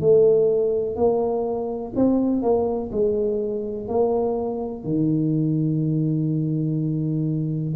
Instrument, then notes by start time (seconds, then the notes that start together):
tuba
0.00 A3
0.96 A#3
1.96 C4
2.42 A#3
2.92 G#3
3.88 A#3
4.84 D#3